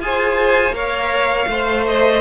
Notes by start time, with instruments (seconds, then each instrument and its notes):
0.00 cello F4, viola G#4, violin C5 G#5
0.72 cello A#3, viola A#4, violin C#5 F5
1.48 cello A3, viola C5, violin C5
1.87 violin D#5